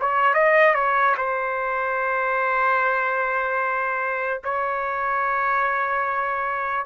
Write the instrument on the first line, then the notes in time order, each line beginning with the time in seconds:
trumpet
0.00 C#5
0.34 D#5
0.74 C#5
1.17 C5
4.44 C#5